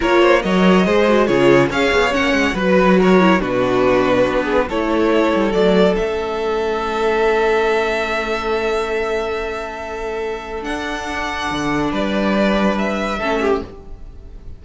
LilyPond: <<
  \new Staff \with { instrumentName = "violin" } { \time 4/4 \tempo 4 = 141 cis''4 dis''2 cis''4 | f''4 fis''4 b'4 cis''4 | b'2. cis''4~ | cis''4 d''4 e''2~ |
e''1~ | e''1~ | e''4 fis''2. | d''2 e''2 | }
  \new Staff \with { instrumentName = "violin" } { \time 4/4 ais'8 c''8 cis''4 c''4 gis'4 | cis''2 b'4 ais'4 | fis'2~ fis'8 gis'8 a'4~ | a'1~ |
a'1~ | a'1~ | a'1 | b'2. a'8 g'8 | }
  \new Staff \with { instrumentName = "viola" } { \time 4/4 f'4 ais'4 gis'8 fis'8 f'4 | gis'4 cis'4 fis'4. e'8 | d'2. e'4~ | e'4 a4 cis'2~ |
cis'1~ | cis'1~ | cis'4 d'2.~ | d'2. cis'4 | }
  \new Staff \with { instrumentName = "cello" } { \time 4/4 ais4 fis4 gis4 cis4 | cis'8 b8 ais8 gis8 fis2 | b,2 b4 a4~ | a8 g8 fis4 a2~ |
a1~ | a1~ | a4 d'2 d4 | g2. a4 | }
>>